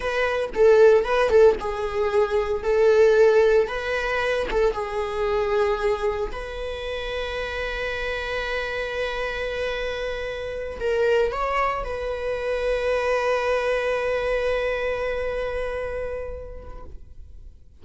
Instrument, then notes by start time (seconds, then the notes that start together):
viola
0.00 B4
0.54 A4
1.04 B4
1.29 A4
1.60 G#4
2.63 A4
3.67 B4
4.50 A4
4.73 G#4
6.31 B4
10.79 A#4
11.32 C#5
11.84 B4